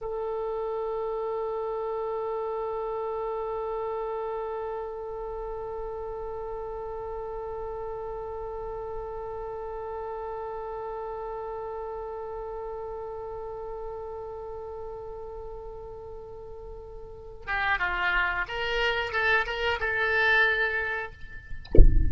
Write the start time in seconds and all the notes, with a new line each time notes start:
0.01 A4
17.46 G4
17.78 F4
18.48 A#4
19.12 A4
19.46 A#4
19.80 A4